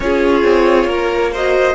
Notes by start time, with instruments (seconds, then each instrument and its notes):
0.00 cello C#4, viola F4, violin G#4 C#5
0.44 cello C4
0.86 cello A#3, violin A#4
1.32 viola F#4, violin C5 D#5